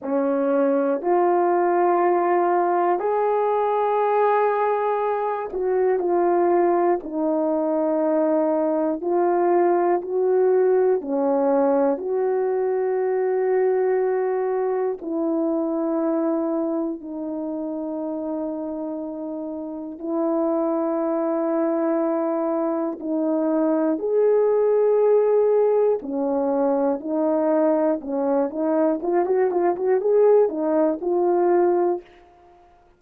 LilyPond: \new Staff \with { instrumentName = "horn" } { \time 4/4 \tempo 4 = 60 cis'4 f'2 gis'4~ | gis'4. fis'8 f'4 dis'4~ | dis'4 f'4 fis'4 cis'4 | fis'2. e'4~ |
e'4 dis'2. | e'2. dis'4 | gis'2 cis'4 dis'4 | cis'8 dis'8 f'16 fis'16 f'16 fis'16 gis'8 dis'8 f'4 | }